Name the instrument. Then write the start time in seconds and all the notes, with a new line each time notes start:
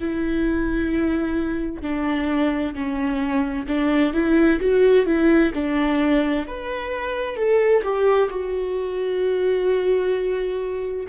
viola
0.00 E4
1.82 D4
2.74 C#4
3.68 D4
4.14 E4
4.60 F#4
5.06 E4
5.54 D4
6.47 B4
7.36 A4
7.83 G4
8.30 F#4